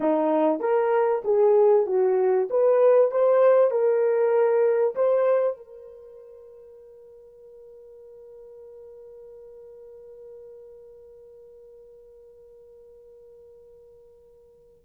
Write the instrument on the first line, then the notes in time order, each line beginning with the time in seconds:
horn
0.00 D#4
0.60 A#4
1.24 G#4
1.86 F#4
2.49 B4
3.11 C5
3.71 A#4
4.95 C5
5.56 A#4